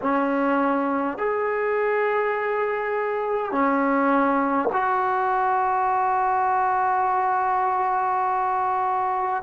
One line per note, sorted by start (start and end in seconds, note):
0.01 1.18 C#4
1.18 3.51 G#4
3.51 4.69 C#4
4.72 9.43 F#4